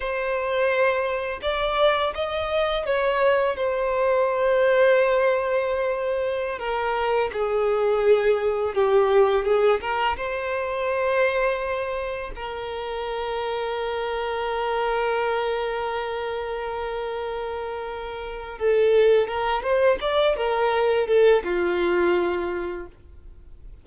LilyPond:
\new Staff \with { instrumentName = "violin" } { \time 4/4 \tempo 4 = 84 c''2 d''4 dis''4 | cis''4 c''2.~ | c''4~ c''16 ais'4 gis'4.~ gis'16~ | gis'16 g'4 gis'8 ais'8 c''4.~ c''16~ |
c''4~ c''16 ais'2~ ais'8.~ | ais'1~ | ais'2 a'4 ais'8 c''8 | d''8 ais'4 a'8 f'2 | }